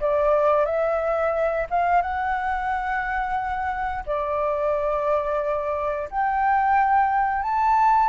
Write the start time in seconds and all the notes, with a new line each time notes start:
0.00 D5
0.66 E5
1.70 F5
2.02 F#5
4.06 D5
6.10 G5
7.42 A5